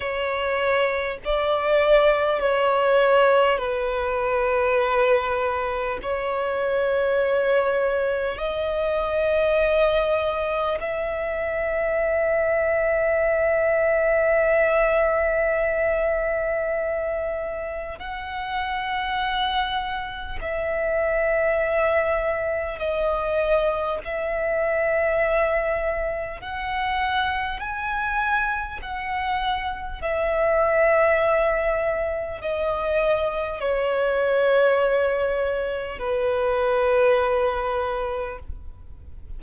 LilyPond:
\new Staff \with { instrumentName = "violin" } { \time 4/4 \tempo 4 = 50 cis''4 d''4 cis''4 b'4~ | b'4 cis''2 dis''4~ | dis''4 e''2.~ | e''2. fis''4~ |
fis''4 e''2 dis''4 | e''2 fis''4 gis''4 | fis''4 e''2 dis''4 | cis''2 b'2 | }